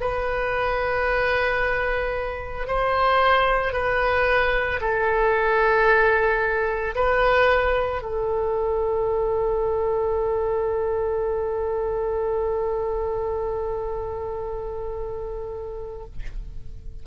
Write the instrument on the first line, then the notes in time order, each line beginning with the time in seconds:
oboe
0.00 B4
2.67 C5
3.73 B4
4.80 A4
6.95 B4
8.02 A4